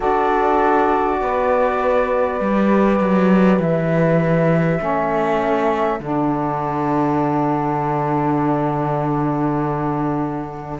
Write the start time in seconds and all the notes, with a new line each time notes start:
0.00 D4 F#4 A4 D5
1.21 B3 B4
2.39 G3 G4
3.00 F#3
3.59 E3 E5
4.79 A3 C#4 A4
5.99 D3 D4 F#5